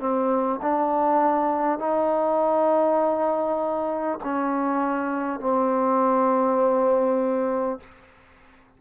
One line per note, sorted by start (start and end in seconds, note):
0.00 0.60 C4
0.62 1.79 D4
1.79 4.19 D#4
4.24 5.40 C#4
5.40 7.80 C4